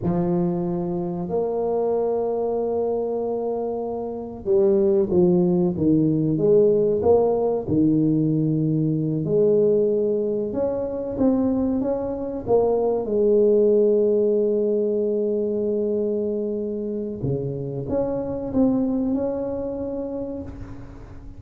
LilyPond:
\new Staff \with { instrumentName = "tuba" } { \time 4/4 \tempo 4 = 94 f2 ais2~ | ais2. g4 | f4 dis4 gis4 ais4 | dis2~ dis8 gis4.~ |
gis8 cis'4 c'4 cis'4 ais8~ | ais8 gis2.~ gis8~ | gis2. cis4 | cis'4 c'4 cis'2 | }